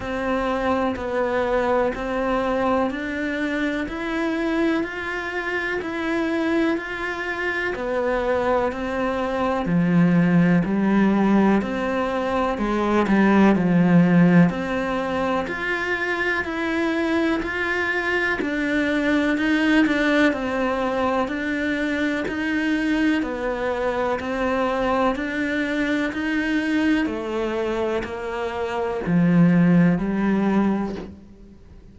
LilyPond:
\new Staff \with { instrumentName = "cello" } { \time 4/4 \tempo 4 = 62 c'4 b4 c'4 d'4 | e'4 f'4 e'4 f'4 | b4 c'4 f4 g4 | c'4 gis8 g8 f4 c'4 |
f'4 e'4 f'4 d'4 | dis'8 d'8 c'4 d'4 dis'4 | b4 c'4 d'4 dis'4 | a4 ais4 f4 g4 | }